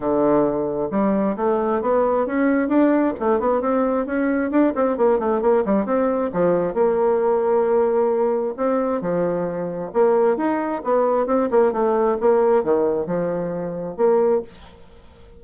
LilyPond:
\new Staff \with { instrumentName = "bassoon" } { \time 4/4 \tempo 4 = 133 d2 g4 a4 | b4 cis'4 d'4 a8 b8 | c'4 cis'4 d'8 c'8 ais8 a8 | ais8 g8 c'4 f4 ais4~ |
ais2. c'4 | f2 ais4 dis'4 | b4 c'8 ais8 a4 ais4 | dis4 f2 ais4 | }